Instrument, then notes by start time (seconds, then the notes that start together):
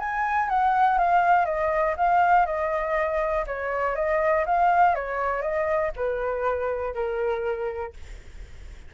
flute
0.00 G#5
0.50 F#5
0.99 F5
1.46 D#5
1.97 F5
2.47 D#5
3.47 C#5
3.96 D#5
4.46 F5
4.96 C#5
5.43 D#5
5.97 B4
6.95 A#4